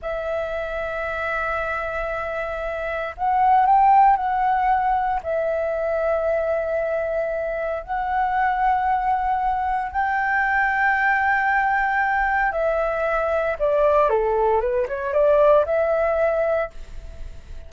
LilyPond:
\new Staff \with { instrumentName = "flute" } { \time 4/4 \tempo 4 = 115 e''1~ | e''2 fis''4 g''4 | fis''2 e''2~ | e''2. fis''4~ |
fis''2. g''4~ | g''1 | e''2 d''4 a'4 | b'8 cis''8 d''4 e''2 | }